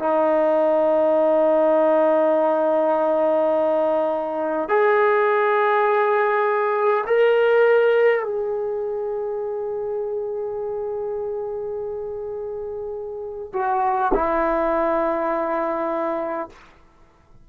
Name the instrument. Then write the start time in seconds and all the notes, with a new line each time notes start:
trombone
0.00 D#4
4.70 G#4
7.07 A#4
8.24 G#4
13.53 F#4
14.14 E4